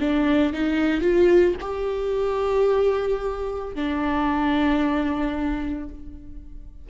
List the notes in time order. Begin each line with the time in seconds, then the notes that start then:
0.00 D4
0.54 D#4
1.01 F4
1.61 G4
3.75 D4